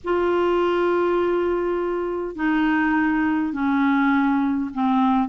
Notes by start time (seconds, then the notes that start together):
0.03 F4
2.35 D#4
3.53 C#4
4.74 C4